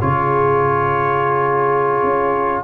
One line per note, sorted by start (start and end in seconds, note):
0.00 2.03 C#3
0.00 2.63 F4
0.00 2.63 G#4
0.00 2.63 C#5
2.03 2.62 C#4